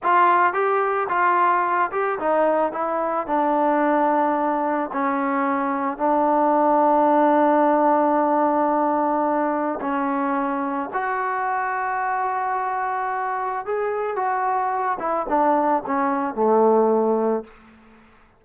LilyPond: \new Staff \with { instrumentName = "trombone" } { \time 4/4 \tempo 4 = 110 f'4 g'4 f'4. g'8 | dis'4 e'4 d'2~ | d'4 cis'2 d'4~ | d'1~ |
d'2 cis'2 | fis'1~ | fis'4 gis'4 fis'4. e'8 | d'4 cis'4 a2 | }